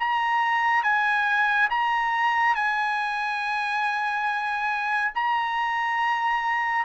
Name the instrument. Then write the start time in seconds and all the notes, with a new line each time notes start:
trumpet
0.00 A#5
0.83 G#5
1.70 A#5
2.55 G#5
5.15 A#5